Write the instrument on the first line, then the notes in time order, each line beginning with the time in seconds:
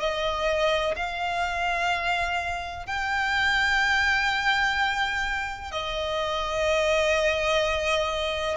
violin
0.00 D#5
0.96 F5
2.87 G5
5.72 D#5